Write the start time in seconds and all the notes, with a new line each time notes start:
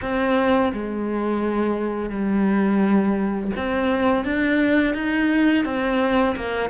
0.01 C4
0.73 G#3
2.09 G3
3.56 C4
4.24 D4
4.94 D#4
5.65 C4
6.35 A#3